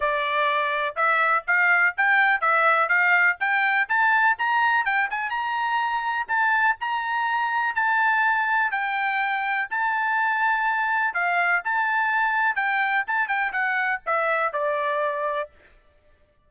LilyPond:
\new Staff \with { instrumentName = "trumpet" } { \time 4/4 \tempo 4 = 124 d''2 e''4 f''4 | g''4 e''4 f''4 g''4 | a''4 ais''4 g''8 gis''8 ais''4~ | ais''4 a''4 ais''2 |
a''2 g''2 | a''2. f''4 | a''2 g''4 a''8 g''8 | fis''4 e''4 d''2 | }